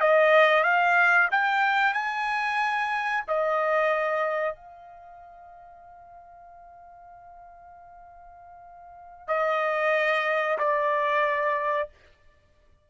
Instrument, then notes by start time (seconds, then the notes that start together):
trumpet
0.00 D#5
0.63 F5
1.31 G5
1.93 G#5
3.27 D#5
4.55 F5
9.27 D#5
10.58 D5